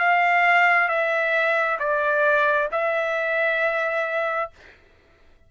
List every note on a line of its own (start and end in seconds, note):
0.00 0.89 F5
0.89 1.78 E5
1.80 2.69 D5
2.72 4.51 E5